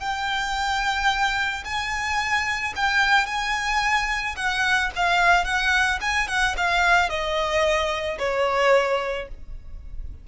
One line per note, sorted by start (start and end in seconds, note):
0.00 1.64 G5
1.64 2.73 G#5
2.76 3.26 G5
3.26 4.35 G#5
4.36 4.90 F#5
4.96 5.44 F5
5.44 5.99 F#5
6.01 6.28 G#5
6.28 6.55 F#5
6.57 7.09 F5
7.09 8.18 D#5
8.18 9.28 C#5